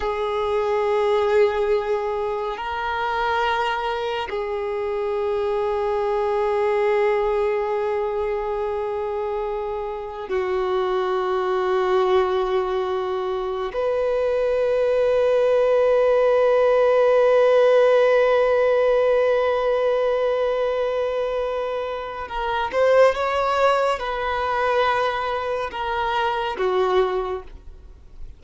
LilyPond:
\new Staff \with { instrumentName = "violin" } { \time 4/4 \tempo 4 = 70 gis'2. ais'4~ | ais'4 gis'2.~ | gis'1 | fis'1 |
b'1~ | b'1~ | b'2 ais'8 c''8 cis''4 | b'2 ais'4 fis'4 | }